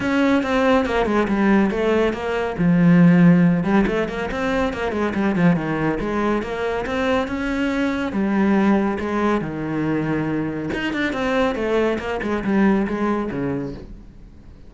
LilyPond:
\new Staff \with { instrumentName = "cello" } { \time 4/4 \tempo 4 = 140 cis'4 c'4 ais8 gis8 g4 | a4 ais4 f2~ | f8 g8 a8 ais8 c'4 ais8 gis8 | g8 f8 dis4 gis4 ais4 |
c'4 cis'2 g4~ | g4 gis4 dis2~ | dis4 dis'8 d'8 c'4 a4 | ais8 gis8 g4 gis4 cis4 | }